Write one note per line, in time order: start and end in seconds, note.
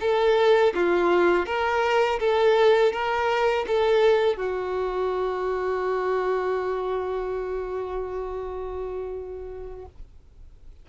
0.00 0.73 A4
0.74 1.46 F4
1.46 2.19 A#4
2.19 2.92 A4
2.92 3.65 A#4
3.67 4.37 A4
4.37 9.85 F#4